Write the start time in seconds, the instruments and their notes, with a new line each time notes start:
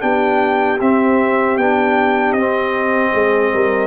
0.00 tuba B3, trombone D4, horn G4, trumpet G5
0.80 tuba C4, trombone C4, trumpet E5
1.57 tuba B3, trombone D4, trumpet G5
2.32 tuba C4, trombone C4, trumpet D#5
3.13 tuba G#3, horn G#4
3.53 tuba G3, horn A#4